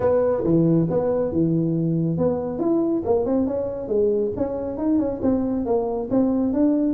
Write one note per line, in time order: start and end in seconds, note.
0.00 0.43 B3
0.44 0.87 E3
0.90 1.32 B3
1.32 2.17 E3
2.17 2.58 B3
2.58 3.02 E4
3.05 3.25 A#3
3.25 3.46 C4
3.46 3.87 C#4
3.87 4.31 G#3
4.36 4.77 C#4
4.77 4.98 D#4
4.98 5.20 C#4
5.22 5.65 C4
5.65 6.09 A#3
6.10 6.53 C4
6.53 6.93 D4